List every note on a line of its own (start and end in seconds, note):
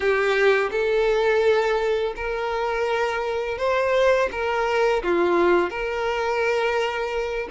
0.00 0.69 G4
0.71 2.14 A4
2.16 3.57 A#4
3.57 4.29 C5
4.31 5.03 A#4
5.03 5.69 F4
5.69 7.48 A#4